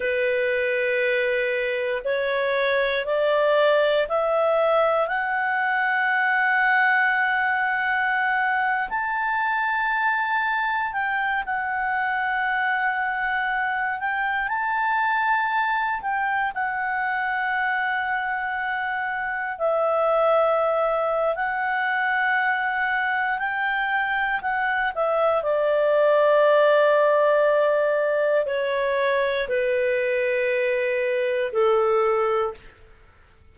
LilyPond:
\new Staff \with { instrumentName = "clarinet" } { \time 4/4 \tempo 4 = 59 b'2 cis''4 d''4 | e''4 fis''2.~ | fis''8. a''2 g''8 fis''8.~ | fis''4.~ fis''16 g''8 a''4. g''16~ |
g''16 fis''2. e''8.~ | e''4 fis''2 g''4 | fis''8 e''8 d''2. | cis''4 b'2 a'4 | }